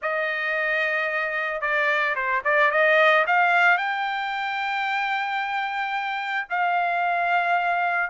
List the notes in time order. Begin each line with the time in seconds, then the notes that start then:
0.02 D#5
1.61 D5
2.15 C5
2.44 D5
2.71 D#5
3.26 F5
3.77 G5
6.49 F5